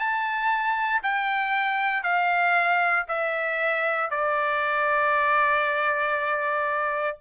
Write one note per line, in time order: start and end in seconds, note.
0.00 1.03 A5
1.03 2.04 G5
2.04 3.06 F5
3.08 4.11 E5
4.11 7.19 D5